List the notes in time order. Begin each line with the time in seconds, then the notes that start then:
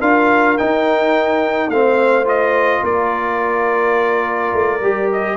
0.00 D4 F4 A#4 F5
0.58 D#4 G5
1.69 A3 C4 C5 F5
2.25 F4 D#5
2.82 A#3 A#4 D5
4.53 A3
4.81 G3 G4
5.12 D#5